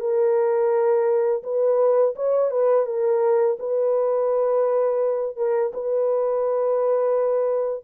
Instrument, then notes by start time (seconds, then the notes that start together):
horn
0.00 A#4
1.43 B4
2.15 C#5
2.51 B4
2.86 A#4
3.59 B4
5.36 A#4
5.73 B4